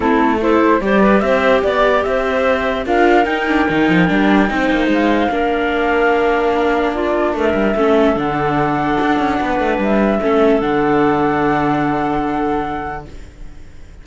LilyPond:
<<
  \new Staff \with { instrumentName = "flute" } { \time 4/4 \tempo 4 = 147 a'4 c''4 d''4 e''4 | d''4 e''2 f''4 | g''1 | f''1~ |
f''4 d''4 e''2 | fis''1 | e''2 fis''2~ | fis''1 | }
  \new Staff \with { instrumentName = "clarinet" } { \time 4/4 e'4 a'4 c''8 b'8 c''4 | d''4 c''2 ais'4~ | ais'2. c''4~ | c''4 ais'2.~ |
ais'4 f'4 ais'4 a'4~ | a'2. b'4~ | b'4 a'2.~ | a'1 | }
  \new Staff \with { instrumentName = "viola" } { \time 4/4 c'4 e'4 g'2~ | g'2. f'4 | dis'8 d'8 dis'4 d'4 dis'4~ | dis'4 d'2.~ |
d'2. cis'4 | d'1~ | d'4 cis'4 d'2~ | d'1 | }
  \new Staff \with { instrumentName = "cello" } { \time 4/4 a2 g4 c'4 | b4 c'2 d'4 | dis'4 dis8 f8 g4 c'8 ais8 | gis4 ais2.~ |
ais2 a8 g8 a4 | d2 d'8 cis'8 b8 a8 | g4 a4 d2~ | d1 | }
>>